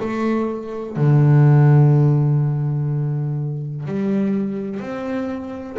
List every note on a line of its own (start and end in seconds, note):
0.00 0.96 A3
0.96 3.85 D3
3.85 4.80 G3
4.80 5.77 C4